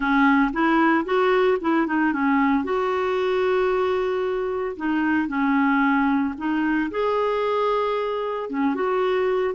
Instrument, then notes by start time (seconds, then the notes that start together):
clarinet
0.00 C#4
0.52 E4
1.04 F#4
1.60 E4
1.87 D#4
2.12 C#4
2.64 F#4
4.76 D#4
5.28 C#4
6.37 D#4
6.91 G#4
8.49 C#4
8.74 F#4